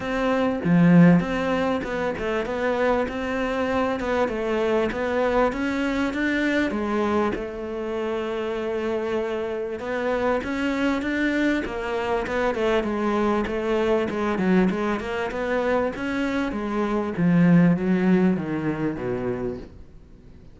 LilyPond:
\new Staff \with { instrumentName = "cello" } { \time 4/4 \tempo 4 = 98 c'4 f4 c'4 b8 a8 | b4 c'4. b8 a4 | b4 cis'4 d'4 gis4 | a1 |
b4 cis'4 d'4 ais4 | b8 a8 gis4 a4 gis8 fis8 | gis8 ais8 b4 cis'4 gis4 | f4 fis4 dis4 b,4 | }